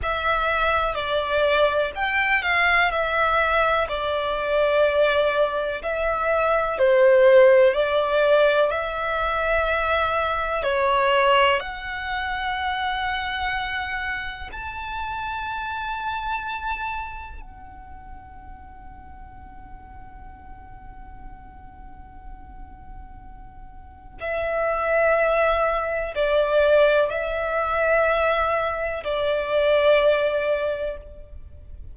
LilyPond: \new Staff \with { instrumentName = "violin" } { \time 4/4 \tempo 4 = 62 e''4 d''4 g''8 f''8 e''4 | d''2 e''4 c''4 | d''4 e''2 cis''4 | fis''2. a''4~ |
a''2 fis''2~ | fis''1~ | fis''4 e''2 d''4 | e''2 d''2 | }